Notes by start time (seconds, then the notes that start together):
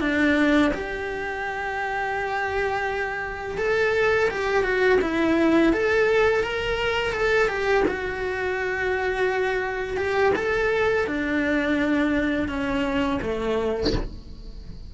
0.00 D4
0.74 G4
3.57 A4
4.30 G4
4.63 F#4
5.01 E4
5.73 A4
6.43 A#4
7.12 A4
7.48 G4
7.87 F#4
9.97 G4
10.35 A4
11.06 D4
12.48 C#4
13.21 A3